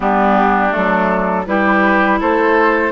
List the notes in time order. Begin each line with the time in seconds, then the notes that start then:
0.00 G3 B3 D4 G4
0.70 F#3 A3 A4
1.46 G3 E4 G4 B4
2.19 A3 A4 C5